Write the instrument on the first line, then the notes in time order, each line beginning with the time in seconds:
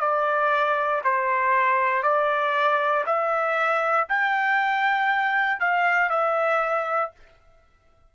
trumpet
0.00 D5
1.04 C5
2.03 D5
3.06 E5
4.09 G5
5.60 F5
6.10 E5